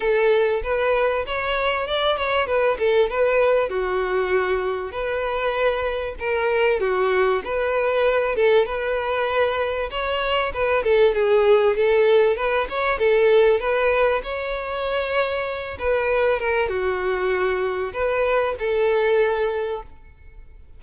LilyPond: \new Staff \with { instrumentName = "violin" } { \time 4/4 \tempo 4 = 97 a'4 b'4 cis''4 d''8 cis''8 | b'8 a'8 b'4 fis'2 | b'2 ais'4 fis'4 | b'4. a'8 b'2 |
cis''4 b'8 a'8 gis'4 a'4 | b'8 cis''8 a'4 b'4 cis''4~ | cis''4. b'4 ais'8 fis'4~ | fis'4 b'4 a'2 | }